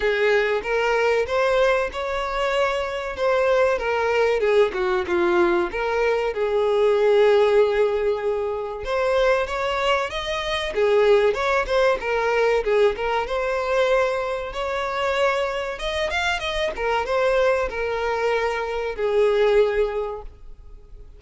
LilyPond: \new Staff \with { instrumentName = "violin" } { \time 4/4 \tempo 4 = 95 gis'4 ais'4 c''4 cis''4~ | cis''4 c''4 ais'4 gis'8 fis'8 | f'4 ais'4 gis'2~ | gis'2 c''4 cis''4 |
dis''4 gis'4 cis''8 c''8 ais'4 | gis'8 ais'8 c''2 cis''4~ | cis''4 dis''8 f''8 dis''8 ais'8 c''4 | ais'2 gis'2 | }